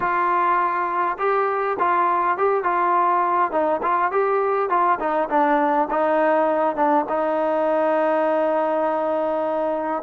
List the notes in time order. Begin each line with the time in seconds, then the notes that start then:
0.00 F4
1.18 G4
1.79 F4
2.37 G4
2.63 F4
3.51 D#4
3.82 F4
4.11 G4
4.69 F4
4.99 D#4
5.29 D4
5.90 D#4
6.75 D4
7.09 D#4